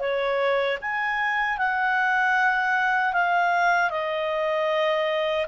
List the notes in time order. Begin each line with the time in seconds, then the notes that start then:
0.00 C#5
0.81 G#5
1.58 F#5
3.13 F5
3.90 D#5